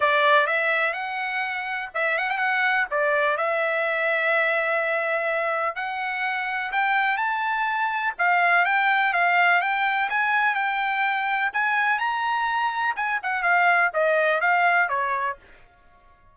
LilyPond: \new Staff \with { instrumentName = "trumpet" } { \time 4/4 \tempo 4 = 125 d''4 e''4 fis''2 | e''8 fis''16 g''16 fis''4 d''4 e''4~ | e''1 | fis''2 g''4 a''4~ |
a''4 f''4 g''4 f''4 | g''4 gis''4 g''2 | gis''4 ais''2 gis''8 fis''8 | f''4 dis''4 f''4 cis''4 | }